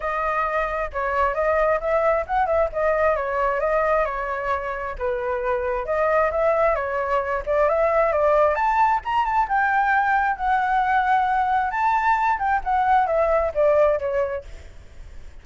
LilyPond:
\new Staff \with { instrumentName = "flute" } { \time 4/4 \tempo 4 = 133 dis''2 cis''4 dis''4 | e''4 fis''8 e''8 dis''4 cis''4 | dis''4 cis''2 b'4~ | b'4 dis''4 e''4 cis''4~ |
cis''8 d''8 e''4 d''4 a''4 | ais''8 a''8 g''2 fis''4~ | fis''2 a''4. g''8 | fis''4 e''4 d''4 cis''4 | }